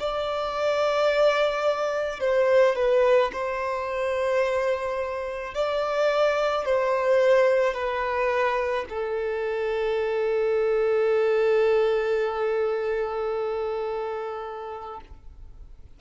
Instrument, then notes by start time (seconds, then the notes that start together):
violin
0.00 D5
2.21 C5
2.76 B4
3.33 C5
5.55 D5
6.66 C5
7.74 B4
8.90 A4